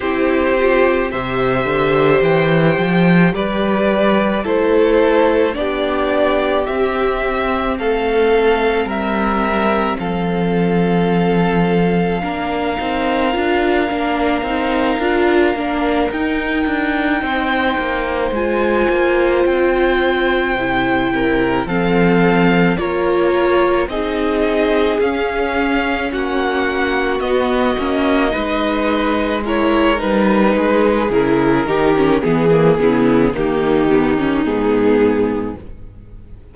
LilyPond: <<
  \new Staff \with { instrumentName = "violin" } { \time 4/4 \tempo 4 = 54 c''4 e''4 g''4 d''4 | c''4 d''4 e''4 f''4 | e''4 f''2.~ | f''2~ f''8 g''4.~ |
g''8 gis''4 g''2 f''8~ | f''8 cis''4 dis''4 f''4 fis''8~ | fis''8 dis''2 cis''8 b'4 | ais'4 gis'4 g'4 gis'4 | }
  \new Staff \with { instrumentName = "violin" } { \time 4/4 g'4 c''2 b'4 | a'4 g'2 a'4 | ais'4 a'2 ais'4~ | ais'2.~ ais'8 c''8~ |
c''2. ais'8 a'8~ | a'8 ais'4 gis'2 fis'8~ | fis'4. b'4 ais'4 gis'8~ | gis'8 g'8 gis'8 e'8 dis'2 | }
  \new Staff \with { instrumentName = "viola" } { \time 4/4 e'8 f'8 g'2. | e'4 d'4 c'2~ | c'2. d'8 dis'8 | f'8 d'8 dis'8 f'8 d'8 dis'4.~ |
dis'8 f'2 e'4 c'8~ | c'8 f'4 dis'4 cis'4.~ | cis'8 b8 cis'8 dis'4 e'8 dis'4 | e'8 dis'16 cis'16 b16 ais16 b8 ais8 b16 cis'16 b4 | }
  \new Staff \with { instrumentName = "cello" } { \time 4/4 c'4 c8 d8 e8 f8 g4 | a4 b4 c'4 a4 | g4 f2 ais8 c'8 | d'8 ais8 c'8 d'8 ais8 dis'8 d'8 c'8 |
ais8 gis8 ais8 c'4 c4 f8~ | f8 ais4 c'4 cis'4 ais8~ | ais8 b8 ais8 gis4. g8 gis8 | cis8 dis8 e8 cis8 dis4 gis,4 | }
>>